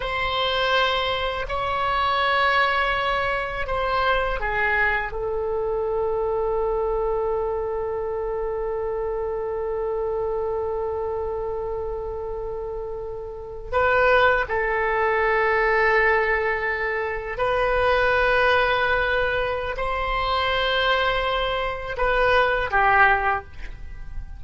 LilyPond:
\new Staff \with { instrumentName = "oboe" } { \time 4/4 \tempo 4 = 82 c''2 cis''2~ | cis''4 c''4 gis'4 a'4~ | a'1~ | a'1~ |
a'2~ a'8. b'4 a'16~ | a'2.~ a'8. b'16~ | b'2. c''4~ | c''2 b'4 g'4 | }